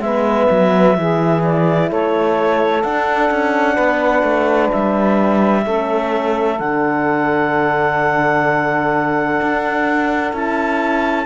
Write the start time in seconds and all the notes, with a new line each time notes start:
0.00 G#3 B3 B4 E5
0.51 F#3
0.97 E3 E4 G#4
1.43 D5
1.89 A3 A4 C#5
2.82 D4 F#5
3.31 C#4
3.74 B3 B4
4.23 A3
4.72 G3 E5
5.65 A3 C#4 A4
6.59 D3 D4 F#5
9.42 D4
10.33 C#4 E4 A5